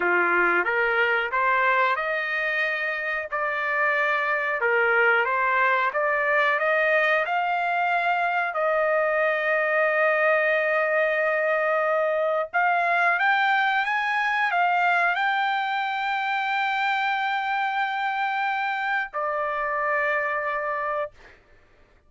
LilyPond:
\new Staff \with { instrumentName = "trumpet" } { \time 4/4 \tempo 4 = 91 f'4 ais'4 c''4 dis''4~ | dis''4 d''2 ais'4 | c''4 d''4 dis''4 f''4~ | f''4 dis''2.~ |
dis''2. f''4 | g''4 gis''4 f''4 g''4~ | g''1~ | g''4 d''2. | }